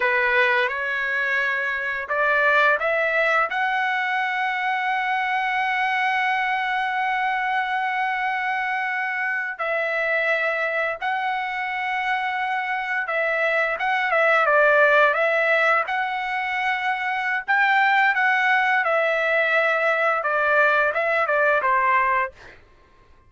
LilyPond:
\new Staff \with { instrumentName = "trumpet" } { \time 4/4 \tempo 4 = 86 b'4 cis''2 d''4 | e''4 fis''2.~ | fis''1~ | fis''4.~ fis''16 e''2 fis''16~ |
fis''2~ fis''8. e''4 fis''16~ | fis''16 e''8 d''4 e''4 fis''4~ fis''16~ | fis''4 g''4 fis''4 e''4~ | e''4 d''4 e''8 d''8 c''4 | }